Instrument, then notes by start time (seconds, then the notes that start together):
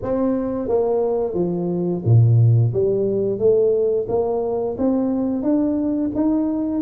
tuba
0.02 C4
0.68 A#3
1.34 F3
2.05 A#2
2.73 G3
3.38 A3
4.08 A#3
4.78 C4
5.42 D4
6.15 D#4